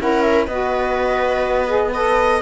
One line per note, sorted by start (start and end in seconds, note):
0.00 0.48 C#4
0.00 0.48 E4
0.00 0.47 A#4
0.00 0.22 F#5
0.22 0.47 E5
0.47 2.42 B3
0.47 1.68 F#4
0.47 1.92 B4
0.47 1.92 D#5
1.68 1.92 G#4
1.92 2.42 A4
1.92 2.41 B4
1.92 2.42 D#5